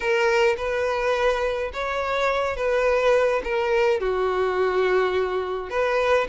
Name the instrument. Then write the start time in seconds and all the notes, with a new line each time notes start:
violin
0.00 A#4
0.57 B4
1.73 C#5
2.56 B4
3.43 A#4
3.99 F#4
5.70 B4